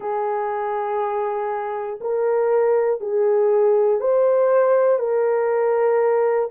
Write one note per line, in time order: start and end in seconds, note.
0.00 1.99 G#4
2.00 3.00 A#4
3.00 4.00 G#4
4.00 4.99 C5
4.99 6.49 A#4